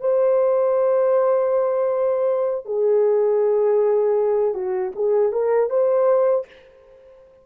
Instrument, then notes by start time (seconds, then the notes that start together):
horn
0.00 C5
2.65 G#4
4.54 F#4
4.95 G#4
5.32 A#4
5.70 C5